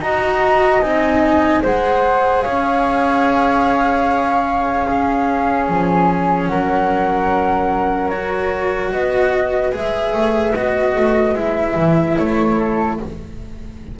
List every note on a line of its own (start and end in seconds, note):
0.00 0.81 D#4
0.00 0.83 F#4
0.00 1.62 D#5
0.00 0.81 A#5
0.81 1.63 C4
0.81 1.64 D#4
0.81 1.62 G#5
1.62 2.46 G#3
1.62 4.88 G#4
1.62 2.44 C5
1.62 2.42 F#5
2.42 5.69 C#4
2.42 4.87 C#5
2.42 5.66 F5
4.87 8.12 C#4
4.87 6.49 G#4
5.69 6.50 F3
5.69 6.48 G#5
6.48 8.93 F#3
6.48 8.93 A#4
6.48 8.09 F#5
8.09 9.72 F#4
8.09 8.91 C#5
8.92 9.74 B3
8.92 12.57 B4
8.92 9.73 D#5
9.72 10.13 G#3
9.72 10.54 G#4
9.72 10.56 E5
10.13 10.54 A3
10.55 10.96 B3
10.55 11.36 F#4
10.55 11.36 D#5
10.96 11.35 A3
11.35 11.75 G#3
11.35 12.98 E4
11.35 12.17 E5
11.76 12.17 E3
12.17 13.00 A3
12.17 12.98 C#5
12.57 12.98 A4